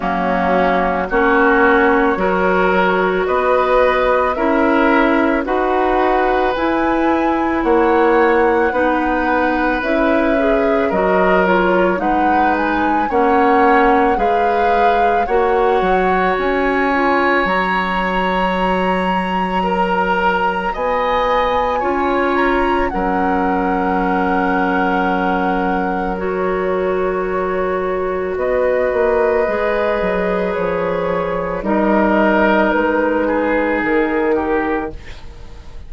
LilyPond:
<<
  \new Staff \with { instrumentName = "flute" } { \time 4/4 \tempo 4 = 55 fis'4 cis''2 dis''4 | e''4 fis''4 gis''4 fis''4~ | fis''4 e''4 dis''8 cis''8 fis''8 gis''8 | fis''4 f''4 fis''4 gis''4 |
ais''2. gis''4~ | gis''8 ais''8 fis''2. | cis''2 dis''2 | cis''4 dis''4 b'4 ais'4 | }
  \new Staff \with { instrumentName = "oboe" } { \time 4/4 cis'4 fis'4 ais'4 b'4 | ais'4 b'2 cis''4 | b'2 ais'4 b'4 | cis''4 b'4 cis''2~ |
cis''2 ais'4 dis''4 | cis''4 ais'2.~ | ais'2 b'2~ | b'4 ais'4. gis'4 g'8 | }
  \new Staff \with { instrumentName = "clarinet" } { \time 4/4 ais4 cis'4 fis'2 | e'4 fis'4 e'2 | dis'4 e'8 gis'8 fis'8 f'8 dis'4 | cis'4 gis'4 fis'4. f'8 |
fis'1 | f'4 cis'2. | fis'2. gis'4~ | gis'4 dis'2. | }
  \new Staff \with { instrumentName = "bassoon" } { \time 4/4 fis4 ais4 fis4 b4 | cis'4 dis'4 e'4 ais4 | b4 cis'4 fis4 gis4 | ais4 gis4 ais8 fis8 cis'4 |
fis2. b4 | cis'4 fis2.~ | fis2 b8 ais8 gis8 fis8 | f4 g4 gis4 dis4 | }
>>